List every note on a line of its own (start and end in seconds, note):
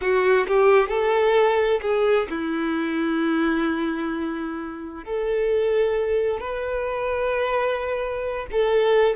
0.01 0.47 F#4
0.47 0.88 G4
0.88 1.80 A4
1.81 2.27 G#4
2.29 5.04 E4
5.04 6.40 A4
6.40 8.46 B4
8.51 9.15 A4